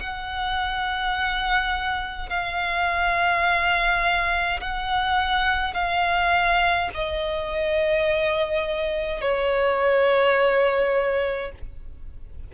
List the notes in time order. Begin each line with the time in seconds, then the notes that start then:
0.00 F#5
2.30 F5
4.60 F#5
5.74 F5
6.94 D#5
9.21 C#5